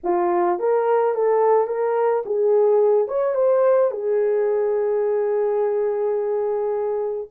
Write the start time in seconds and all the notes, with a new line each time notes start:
0.03 F4
0.59 A#4
1.14 A4
1.67 A#4
2.25 G#4
3.08 C#5
3.35 C5
3.91 G#4